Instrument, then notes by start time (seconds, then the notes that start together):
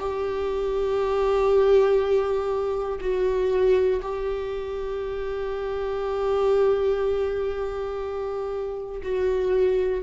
viola
0.00 G4
3.01 F#4
4.02 G4
9.03 F#4